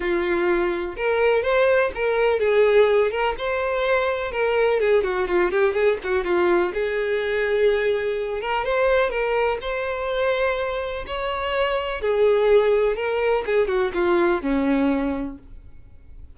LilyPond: \new Staff \with { instrumentName = "violin" } { \time 4/4 \tempo 4 = 125 f'2 ais'4 c''4 | ais'4 gis'4. ais'8 c''4~ | c''4 ais'4 gis'8 fis'8 f'8 g'8 | gis'8 fis'8 f'4 gis'2~ |
gis'4. ais'8 c''4 ais'4 | c''2. cis''4~ | cis''4 gis'2 ais'4 | gis'8 fis'8 f'4 cis'2 | }